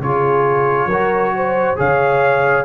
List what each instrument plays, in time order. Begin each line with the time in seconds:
0.00 tuba C#3, trombone F4, horn G#4, trumpet C#5
0.86 tuba F#3, trombone F#4, horn A#4
1.36 horn C5
1.76 tuba C#3, trombone G#4, horn C#5, trumpet F5